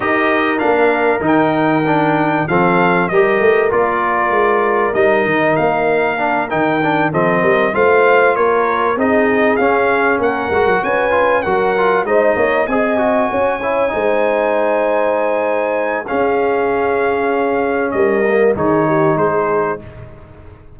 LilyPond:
<<
  \new Staff \with { instrumentName = "trumpet" } { \time 4/4 \tempo 4 = 97 dis''4 f''4 g''2 | f''4 dis''4 d''2 | dis''4 f''4. g''4 dis''8~ | dis''8 f''4 cis''4 dis''4 f''8~ |
f''8 fis''4 gis''4 fis''4 dis''8~ | dis''8 gis''2.~ gis''8~ | gis''2 f''2~ | f''4 dis''4 cis''4 c''4 | }
  \new Staff \with { instrumentName = "horn" } { \time 4/4 ais'1 | a'4 ais'2.~ | ais'2.~ ais'8 a'8 | ais'8 c''4 ais'4 gis'4.~ |
gis'8 ais'4 b'4 ais'4 c''8 | cis''8 dis''4 cis''4 c''4.~ | c''2 gis'2~ | gis'4 ais'4 gis'8 g'8 gis'4 | }
  \new Staff \with { instrumentName = "trombone" } { \time 4/4 g'4 d'4 dis'4 d'4 | c'4 g'4 f'2 | dis'2 d'8 dis'8 d'8 c'8~ | c'8 f'2 dis'4 cis'8~ |
cis'4 fis'4 f'8 fis'8 f'8 dis'8~ | dis'8 gis'8 fis'4 e'8 dis'4.~ | dis'2 cis'2~ | cis'4. ais8 dis'2 | }
  \new Staff \with { instrumentName = "tuba" } { \time 4/4 dis'4 ais4 dis2 | f4 g8 a8 ais4 gis4 | g8 dis8 ais4. dis4 f8 | g8 a4 ais4 c'4 cis'8~ |
cis'8 ais8 gis16 fis16 cis'4 fis4 gis8 | ais8 c'4 cis'4 gis4.~ | gis2 cis'2~ | cis'4 g4 dis4 gis4 | }
>>